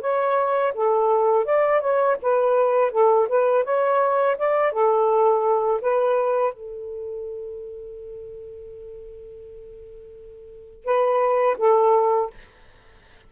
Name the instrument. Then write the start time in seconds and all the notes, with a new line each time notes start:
saxophone
0.00 C#5
0.74 A4
1.44 D5
1.80 C#5
2.22 B4
2.91 A4
3.28 B4
3.64 C#5
4.37 D5
4.72 A4
5.81 B4
6.53 A4
10.84 B4
11.58 A4